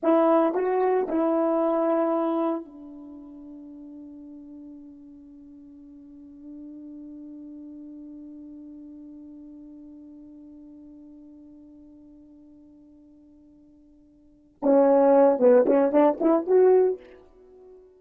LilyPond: \new Staff \with { instrumentName = "horn" } { \time 4/4 \tempo 4 = 113 e'4 fis'4 e'2~ | e'4 d'2.~ | d'1~ | d'1~ |
d'1~ | d'1~ | d'2.~ d'8 cis'8~ | cis'4 b8 cis'8 d'8 e'8 fis'4 | }